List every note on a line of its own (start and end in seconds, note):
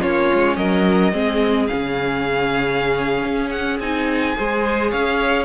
0.00 0.32 A#3
0.00 1.12 C#4
0.00 0.56 F4
0.00 0.56 C#5
0.34 0.57 G#3
0.56 1.13 F#3
0.56 1.13 A#4
0.56 1.67 D#5
1.12 1.69 G#3
1.12 1.68 C4
1.12 4.36 G#4
1.67 3.24 C#3
1.67 3.80 C#4
1.67 3.49 F5
3.24 3.79 C#4
3.50 3.78 F#5
3.79 4.35 C4
3.79 4.35 D#4
3.79 4.91 G#5
4.35 4.93 G#3
4.35 5.45 G#4
4.35 4.91 C5
4.91 5.45 C#4
4.91 5.45 C#5
4.91 5.45 F5